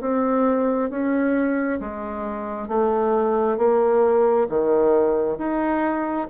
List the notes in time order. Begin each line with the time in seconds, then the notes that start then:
0.00 C4
0.90 C#4
1.80 G#3
2.68 A3
3.57 A#3
4.49 D#3
5.38 D#4